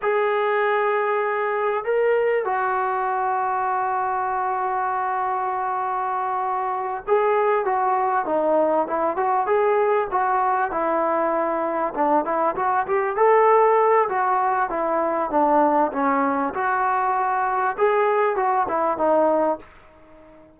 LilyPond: \new Staff \with { instrumentName = "trombone" } { \time 4/4 \tempo 4 = 98 gis'2. ais'4 | fis'1~ | fis'2.~ fis'8 gis'8~ | gis'8 fis'4 dis'4 e'8 fis'8 gis'8~ |
gis'8 fis'4 e'2 d'8 | e'8 fis'8 g'8 a'4. fis'4 | e'4 d'4 cis'4 fis'4~ | fis'4 gis'4 fis'8 e'8 dis'4 | }